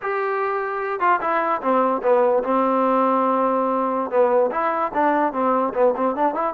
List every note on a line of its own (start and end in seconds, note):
0.02 1.00 G4
1.00 1.20 F4
1.21 1.61 E4
1.61 2.01 C4
2.02 2.43 B3
2.43 4.10 C4
4.10 4.50 B3
4.51 4.91 E4
4.93 5.33 D4
5.33 5.73 C4
5.74 5.94 B3
5.96 6.15 C4
6.15 6.34 D4
6.34 6.54 E4